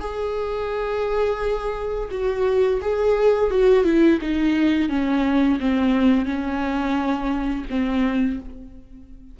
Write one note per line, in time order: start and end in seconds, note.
0.00 2.09 G#4
2.11 2.81 F#4
2.82 3.51 G#4
3.51 3.84 F#4
3.84 4.19 E4
4.21 4.89 D#4
4.89 5.59 C#4
5.60 6.26 C4
6.26 7.65 C#4
7.70 8.40 C4